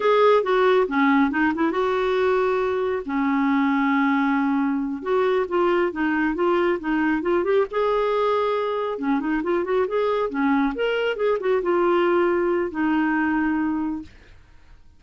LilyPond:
\new Staff \with { instrumentName = "clarinet" } { \time 4/4 \tempo 4 = 137 gis'4 fis'4 cis'4 dis'8 e'8 | fis'2. cis'4~ | cis'2.~ cis'8 fis'8~ | fis'8 f'4 dis'4 f'4 dis'8~ |
dis'8 f'8 g'8 gis'2~ gis'8~ | gis'8 cis'8 dis'8 f'8 fis'8 gis'4 cis'8~ | cis'8 ais'4 gis'8 fis'8 f'4.~ | f'4 dis'2. | }